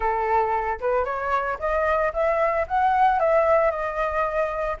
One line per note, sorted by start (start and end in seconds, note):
0.00 0.79 A4
0.80 1.04 B4
1.04 1.57 C#5
1.59 2.12 D#5
2.13 2.66 E5
2.67 3.19 F#5
3.19 3.70 E5
3.70 4.76 D#5